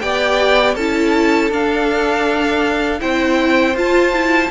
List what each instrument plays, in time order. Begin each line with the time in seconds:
0.00 cello B3, viola G4, violin D5 G5
0.75 cello C#4, viola E4, violin A4 A5
1.50 cello D4, viola D4, violin F5
2.99 cello C4, viola E4, violin C5 G5
3.74 cello F4, viola F4, violin A5
4.13 viola E4